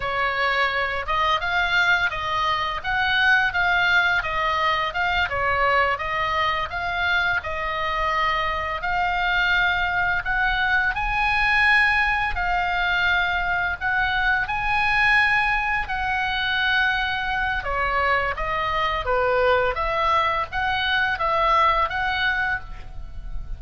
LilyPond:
\new Staff \with { instrumentName = "oboe" } { \time 4/4 \tempo 4 = 85 cis''4. dis''8 f''4 dis''4 | fis''4 f''4 dis''4 f''8 cis''8~ | cis''8 dis''4 f''4 dis''4.~ | dis''8 f''2 fis''4 gis''8~ |
gis''4. f''2 fis''8~ | fis''8 gis''2 fis''4.~ | fis''4 cis''4 dis''4 b'4 | e''4 fis''4 e''4 fis''4 | }